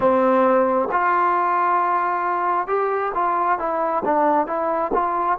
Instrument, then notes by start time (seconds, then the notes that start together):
trombone
0.00 C4
0.91 F4
2.67 G4
3.14 F4
3.58 E4
4.05 D4
4.46 E4
4.93 F4